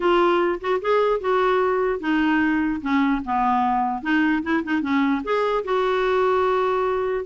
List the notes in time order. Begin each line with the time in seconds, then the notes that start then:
0.00 F4
0.60 F#4
0.81 G#4
1.20 F#4
2.00 D#4
2.81 C#4
3.24 B3
4.02 D#4
4.43 E4
4.63 D#4
4.81 C#4
5.23 G#4
5.64 F#4